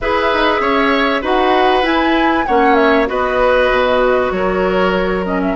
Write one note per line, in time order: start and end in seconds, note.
0.00 0.32 E4
0.00 1.22 G#4
0.00 0.61 B4
0.00 1.24 E5
0.32 0.60 D#4
0.60 1.21 C#4
0.60 1.21 C#5
1.21 1.82 D#4
1.21 1.82 F#4
1.21 2.45 B4
1.21 1.85 F#5
1.82 2.44 E4
1.82 2.46 G#5
2.46 3.09 A#3
2.46 3.06 C#4
2.46 3.09 C#5
2.46 2.75 F#5
2.75 3.06 E5
3.06 3.70 B3
3.06 5.23 F#4
3.06 4.32 B4
3.06 4.31 D#5
3.70 4.31 B2
4.31 5.55 F#3
4.31 5.55 A#4
4.31 5.24 C#5
5.25 5.55 C#4
5.25 5.40 D#5
5.41 5.55 E5